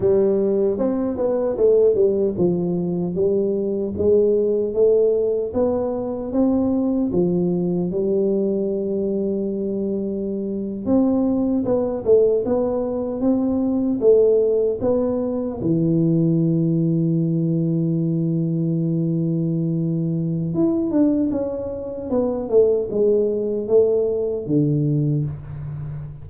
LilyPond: \new Staff \with { instrumentName = "tuba" } { \time 4/4 \tempo 4 = 76 g4 c'8 b8 a8 g8 f4 | g4 gis4 a4 b4 | c'4 f4 g2~ | g4.~ g16 c'4 b8 a8 b16~ |
b8. c'4 a4 b4 e16~ | e1~ | e2 e'8 d'8 cis'4 | b8 a8 gis4 a4 d4 | }